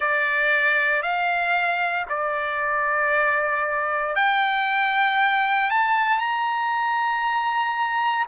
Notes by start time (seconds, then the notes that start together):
0.00 D5
1.02 F5
2.09 D5
4.15 G5
5.70 A5
6.18 A#5